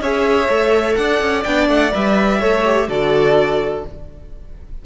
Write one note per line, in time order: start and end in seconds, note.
0.00 0.48 C#4
0.00 0.49 G#4
0.00 0.98 C#5
0.00 0.95 E5
0.49 0.97 A3
0.49 1.45 A4
0.95 1.21 D4
0.95 2.40 D5
0.95 1.43 F#5
1.21 1.45 C#4
1.44 1.69 B3
1.44 1.92 D4
1.44 1.68 G5
1.69 1.93 A3
1.69 1.93 F#5
1.92 2.42 G3
1.92 2.40 B4
1.92 2.89 E5
2.40 2.88 A3
2.40 2.64 A4
2.40 2.88 C#5
2.65 2.89 G4
2.88 3.84 D3
2.88 3.85 F#4
2.88 3.85 A4
2.88 3.85 D5